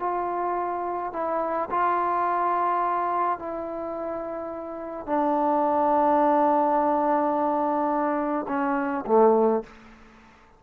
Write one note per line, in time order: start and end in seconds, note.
0.00 1.13 F4
1.13 1.70 E4
1.71 3.39 F4
3.39 5.07 E4
5.07 8.47 D4
8.49 9.05 C#4
9.07 9.64 A3